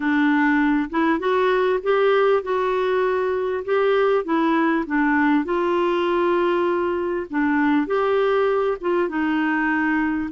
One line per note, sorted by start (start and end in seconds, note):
0.00 0.89 D4
0.90 1.19 E4
1.19 1.79 F#4
1.82 2.42 G4
2.42 3.64 F#4
3.64 4.24 G4
4.24 4.85 E4
4.86 5.44 D4
5.44 7.26 F4
7.29 7.86 D4
7.86 8.77 G4
8.80 9.09 F4
9.09 10.30 D#4